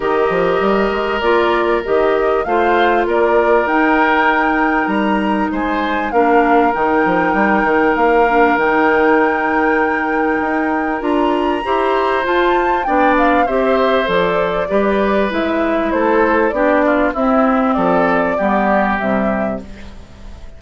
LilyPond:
<<
  \new Staff \with { instrumentName = "flute" } { \time 4/4 \tempo 4 = 98 dis''2 d''4 dis''4 | f''4 d''4 g''2 | ais''4 gis''4 f''4 g''4~ | g''4 f''4 g''2~ |
g''2 ais''2 | a''4 g''8 f''8 e''4 d''4~ | d''4 e''4 c''4 d''4 | e''4 d''2 e''4 | }
  \new Staff \with { instrumentName = "oboe" } { \time 4/4 ais'1 | c''4 ais'2.~ | ais'4 c''4 ais'2~ | ais'1~ |
ais'2. c''4~ | c''4 d''4 c''2 | b'2 a'4 g'8 f'8 | e'4 a'4 g'2 | }
  \new Staff \with { instrumentName = "clarinet" } { \time 4/4 g'2 f'4 g'4 | f'2 dis'2~ | dis'2 d'4 dis'4~ | dis'4. d'8 dis'2~ |
dis'2 f'4 g'4 | f'4 d'4 g'4 a'4 | g'4 e'2 d'4 | c'2 b4 g4 | }
  \new Staff \with { instrumentName = "bassoon" } { \time 4/4 dis8 f8 g8 gis8 ais4 dis4 | a4 ais4 dis'2 | g4 gis4 ais4 dis8 f8 | g8 dis8 ais4 dis2~ |
dis4 dis'4 d'4 e'4 | f'4 b4 c'4 f4 | g4 gis4 a4 b4 | c'4 f4 g4 c4 | }
>>